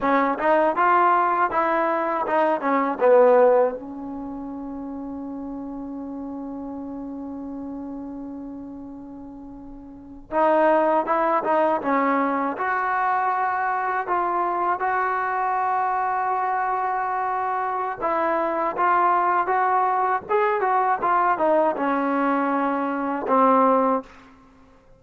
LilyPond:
\new Staff \with { instrumentName = "trombone" } { \time 4/4 \tempo 4 = 80 cis'8 dis'8 f'4 e'4 dis'8 cis'8 | b4 cis'2.~ | cis'1~ | cis'4.~ cis'16 dis'4 e'8 dis'8 cis'16~ |
cis'8. fis'2 f'4 fis'16~ | fis'1 | e'4 f'4 fis'4 gis'8 fis'8 | f'8 dis'8 cis'2 c'4 | }